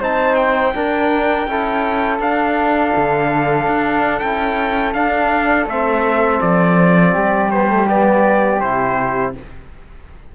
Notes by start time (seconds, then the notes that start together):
0.00 C4 D#4 C5 A5
0.36 G5
0.73 D4 A#4
1.48 C#4 E4 A4
2.20 D4 F5
2.97 D3
3.67 D4
4.20 C#4 E4 G5
4.94 D4 F5
5.67 A3 C4 E5
6.41 F3 D5
7.13 G3 G4
7.51 B3 C5
7.68 A3
7.88 B3 D5
8.61 C3 E4 C5